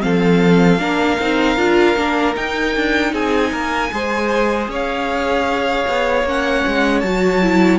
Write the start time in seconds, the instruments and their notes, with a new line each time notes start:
0.00 cello F3, viola C4, violin A4 F5
0.79 cello A#3, viola D4, violin A#4
1.20 cello C4, viola D#4
1.57 cello D4, viola F4
1.97 cello A#3, viola D4
2.35 viola D#4, cello D#4, violin G5
2.76 cello D4
3.12 cello C4, violin G#4 G#5
3.51 cello A#3, violin A#4
3.92 cello G#3, viola G#4, violin C5
4.68 cello C#4, violin C#5
4.75 violin F5
5.88 cello B3
6.24 cello A#3, viola C#4, violin F#5
6.68 cello G#3
7.01 cello F#3, viola F#4, violin A5
7.43 viola E4